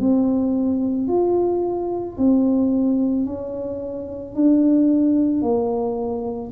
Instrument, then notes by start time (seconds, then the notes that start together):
tuba
0.00 C4
1.08 F4
2.17 C4
3.26 C#4
4.35 D4
5.41 A#3